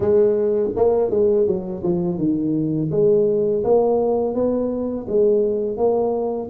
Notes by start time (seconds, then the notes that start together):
0.00 G#3
0.76 A#3
1.10 G#3
1.46 F#3
1.83 F3
2.18 D#3
2.91 G#3
3.64 A#3
4.34 B3
5.08 G#3
5.77 A#3